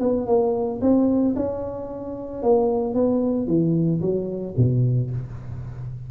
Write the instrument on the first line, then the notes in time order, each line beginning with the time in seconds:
tuba
0.00 B3
0.27 A#3
0.82 C4
1.36 C#4
2.43 A#3
2.94 B3
3.47 E3
4.01 F#3
4.57 B2